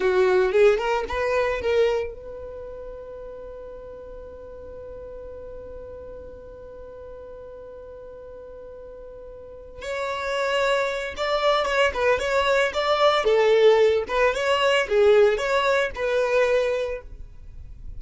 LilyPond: \new Staff \with { instrumentName = "violin" } { \time 4/4 \tempo 4 = 113 fis'4 gis'8 ais'8 b'4 ais'4 | b'1~ | b'1~ | b'1~ |
b'2~ b'8 cis''4.~ | cis''4 d''4 cis''8 b'8 cis''4 | d''4 a'4. b'8 cis''4 | gis'4 cis''4 b'2 | }